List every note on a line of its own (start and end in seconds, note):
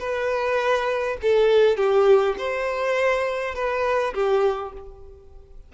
0.00 1.18 B4
1.22 1.77 A4
1.77 2.36 G4
2.38 3.55 C5
3.55 4.14 B4
4.14 4.73 G4